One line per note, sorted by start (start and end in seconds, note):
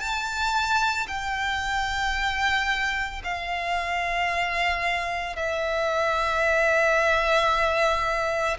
0.00 1.07 A5
1.08 3.22 G5
3.24 5.36 F5
5.36 8.58 E5